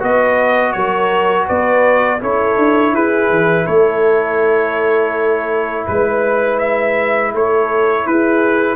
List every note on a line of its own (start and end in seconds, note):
0.00 0.75 B3
0.00 2.20 F#4
0.00 0.74 B4
0.00 0.73 D#5
0.73 1.49 F#3
0.73 1.47 A#4
0.73 1.46 C#5
1.47 2.22 B3
1.47 2.20 B4
1.47 2.22 D5
2.20 2.58 C#4
2.20 8.76 E4
2.20 2.94 A4
2.20 2.95 C#5
2.58 2.94 D4
2.94 3.30 E4
2.94 3.65 G#4
2.94 3.67 B4
3.30 3.66 E3
3.65 5.88 A3
3.65 5.85 A4
3.65 5.86 C#5
5.87 7.34 G#3
5.87 6.59 B4
5.87 7.34 B4
6.59 7.32 E5
7.34 8.07 A3
7.34 8.07 A4
7.34 8.07 C#5
8.07 8.76 E4
8.07 8.76 G#4
8.07 8.76 B4